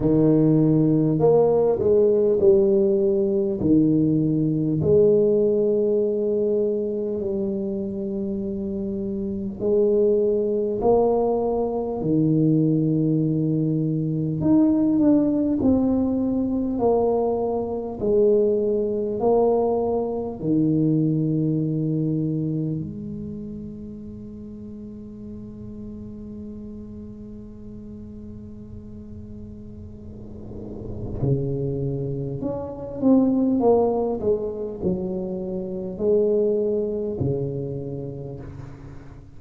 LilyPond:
\new Staff \with { instrumentName = "tuba" } { \time 4/4 \tempo 4 = 50 dis4 ais8 gis8 g4 dis4 | gis2 g2 | gis4 ais4 dis2 | dis'8 d'8 c'4 ais4 gis4 |
ais4 dis2 gis4~ | gis1~ | gis2 cis4 cis'8 c'8 | ais8 gis8 fis4 gis4 cis4 | }